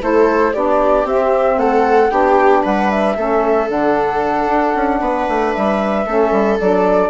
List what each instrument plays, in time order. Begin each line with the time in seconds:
0.00 bassoon A3, saxophone E4, viola A4, flute C5
0.53 bassoon B3, saxophone D4, viola G4, flute D5
1.04 bassoon C4, saxophone C4, flute E5
1.57 bassoon A3, viola A4, flute F#5
2.10 bassoon B3, saxophone D4, viola G4, flute G5
2.63 bassoon G3, viola B4, flute F#5
2.90 flute E5
3.16 bassoon A3, saxophone C#4, viola A4
3.67 bassoon D3, saxophone D4, flute F#5
4.46 bassoon D4
4.75 bassoon C#4
5.01 bassoon B3, viola B4
5.29 bassoon A3
5.53 bassoon G3, flute E5
6.06 bassoon A3, saxophone C#4, viola A4
6.32 bassoon G3
6.60 bassoon F#3, saxophone D4, flute D5